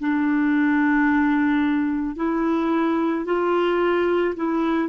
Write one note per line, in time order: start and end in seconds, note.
0.00 2.16 D4
2.16 3.25 E4
3.26 4.35 F4
4.36 4.89 E4